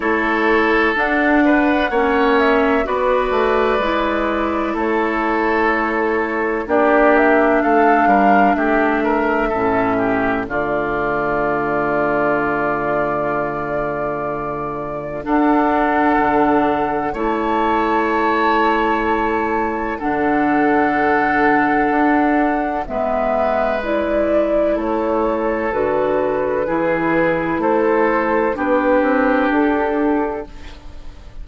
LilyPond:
<<
  \new Staff \with { instrumentName = "flute" } { \time 4/4 \tempo 4 = 63 cis''4 fis''4. e''8 d''4~ | d''4 cis''2 d''8 e''8 | f''4 e''2 d''4~ | d''1 |
fis''2 a''2~ | a''4 fis''2. | e''4 d''4 cis''4 b'4~ | b'4 c''4 b'4 a'4 | }
  \new Staff \with { instrumentName = "oboe" } { \time 4/4 a'4. b'8 cis''4 b'4~ | b'4 a'2 g'4 | a'8 ais'8 g'8 ais'8 a'8 g'8 f'4~ | f'1 |
a'2 cis''2~ | cis''4 a'2. | b'2 a'2 | gis'4 a'4 g'2 | }
  \new Staff \with { instrumentName = "clarinet" } { \time 4/4 e'4 d'4 cis'4 fis'4 | e'2. d'4~ | d'2 cis'4 a4~ | a1 |
d'2 e'2~ | e'4 d'2. | b4 e'2 fis'4 | e'2 d'2 | }
  \new Staff \with { instrumentName = "bassoon" } { \time 4/4 a4 d'4 ais4 b8 a8 | gis4 a2 ais4 | a8 g8 a4 a,4 d4~ | d1 |
d'4 d4 a2~ | a4 d2 d'4 | gis2 a4 d4 | e4 a4 b8 c'8 d'4 | }
>>